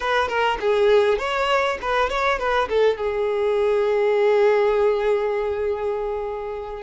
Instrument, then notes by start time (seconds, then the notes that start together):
violin
0.00 B4
0.28 A#4
0.60 G#4
1.18 C#5
1.81 B4
2.09 C#5
2.38 B4
2.68 A4
2.97 G#4